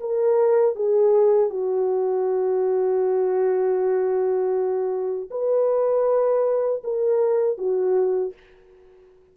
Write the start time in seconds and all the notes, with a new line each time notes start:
0.00 A#4
0.75 G#4
1.49 F#4
5.30 B4
6.84 A#4
7.57 F#4